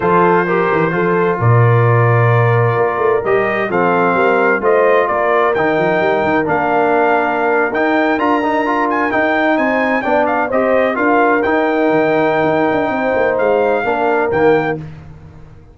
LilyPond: <<
  \new Staff \with { instrumentName = "trumpet" } { \time 4/4 \tempo 4 = 130 c''2. d''4~ | d''2. dis''4 | f''2 dis''4 d''4 | g''2 f''2~ |
f''8. g''4 ais''4. gis''8 g''16~ | g''8. gis''4 g''8 f''8 dis''4 f''16~ | f''8. g''2.~ g''16~ | g''4 f''2 g''4 | }
  \new Staff \with { instrumentName = "horn" } { \time 4/4 a'4 ais'4 a'4 ais'4~ | ais'1 | a'4 ais'4 c''4 ais'4~ | ais'1~ |
ais'1~ | ais'8. c''4 d''4 c''4 ais'16~ | ais'1 | c''2 ais'2 | }
  \new Staff \with { instrumentName = "trombone" } { \time 4/4 f'4 g'4 f'2~ | f'2. g'4 | c'2 f'2 | dis'2 d'2~ |
d'8. dis'4 f'8 dis'8 f'4 dis'16~ | dis'4.~ dis'16 d'4 g'4 f'16~ | f'8. dis'2.~ dis'16~ | dis'2 d'4 ais4 | }
  \new Staff \with { instrumentName = "tuba" } { \time 4/4 f4. e8 f4 ais,4~ | ais,2 ais8 a8 g4 | f4 g4 a4 ais4 | dis8 f8 g8 dis8 ais2~ |
ais8. dis'4 d'2 dis'16~ | dis'8. c'4 b4 c'4 d'16~ | d'8. dis'4 dis4~ dis16 dis'8 d'8 | c'8 ais8 gis4 ais4 dis4 | }
>>